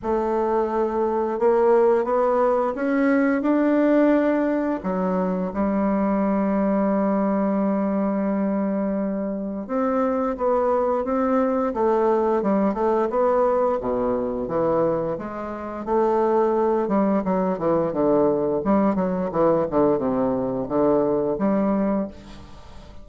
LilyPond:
\new Staff \with { instrumentName = "bassoon" } { \time 4/4 \tempo 4 = 87 a2 ais4 b4 | cis'4 d'2 fis4 | g1~ | g2 c'4 b4 |
c'4 a4 g8 a8 b4 | b,4 e4 gis4 a4~ | a8 g8 fis8 e8 d4 g8 fis8 | e8 d8 c4 d4 g4 | }